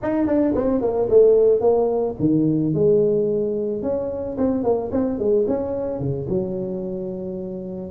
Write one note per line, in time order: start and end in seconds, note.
0.02 0.26 D#4
0.26 0.54 D4
0.54 0.81 C4
0.81 1.08 A#3
1.09 1.60 A3
1.60 2.15 A#3
2.19 2.74 D#3
2.74 3.82 G#3
3.82 4.37 C#4
4.37 4.63 C4
4.63 4.90 A#3
4.91 5.18 C4
5.18 5.46 G#3
5.47 5.99 C#4
5.99 6.27 C#3
6.29 7.91 F#3